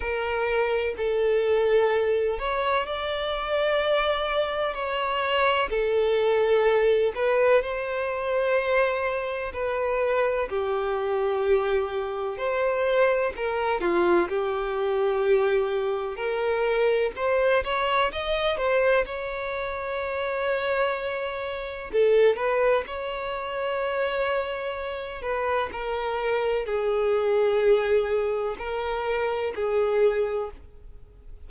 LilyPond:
\new Staff \with { instrumentName = "violin" } { \time 4/4 \tempo 4 = 63 ais'4 a'4. cis''8 d''4~ | d''4 cis''4 a'4. b'8 | c''2 b'4 g'4~ | g'4 c''4 ais'8 f'8 g'4~ |
g'4 ais'4 c''8 cis''8 dis''8 c''8 | cis''2. a'8 b'8 | cis''2~ cis''8 b'8 ais'4 | gis'2 ais'4 gis'4 | }